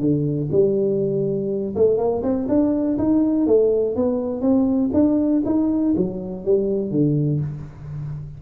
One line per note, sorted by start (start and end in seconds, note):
0.00 0.49 D3
0.52 1.75 G3
1.75 1.97 A3
1.97 2.22 A#3
2.22 2.47 C4
2.48 2.97 D4
2.98 3.46 D#4
3.46 3.95 A3
3.95 4.41 B3
4.41 4.90 C4
4.93 5.42 D4
5.45 5.94 D#4
5.96 6.45 F#3
6.45 6.91 G3
6.91 7.40 D3